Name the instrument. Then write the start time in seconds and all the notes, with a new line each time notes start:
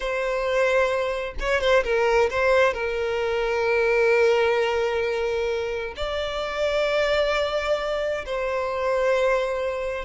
violin
0.00 C5
1.39 C#5
1.60 C5
1.84 A#4
2.30 C5
2.73 A#4
5.96 D5
8.25 C5